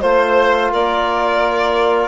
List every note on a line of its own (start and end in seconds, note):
0.00 0.72 A3
0.00 2.08 F4
0.00 0.70 C5
0.00 0.71 C5
0.71 2.08 A#3
0.71 2.08 A#4
0.71 2.08 D5